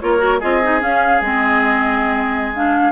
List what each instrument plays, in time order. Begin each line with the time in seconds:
0.00 bassoon A#3, clarinet F4, oboe A#4, flute C#5
0.18 clarinet F#4
0.40 bassoon C4, clarinet F4, oboe G#4, flute D#5
0.63 clarinet D#4
0.80 clarinet C#4, bassoon C#4, flute F5
1.21 bassoon G#3, clarinet C4, flute D#5
2.55 clarinet D4, flute F5